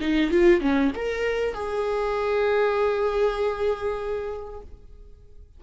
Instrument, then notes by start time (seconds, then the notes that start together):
viola
0.00 D#4
0.30 F4
0.61 C#4
0.95 A#4
1.54 G#4